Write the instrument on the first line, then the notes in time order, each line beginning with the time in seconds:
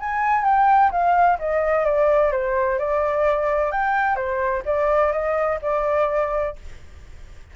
flute
0.00 G#5
0.45 G5
0.92 F5
1.39 D#5
1.85 D5
2.32 C5
2.79 D5
3.72 G5
4.16 C5
4.66 D5
5.12 D#5
5.62 D5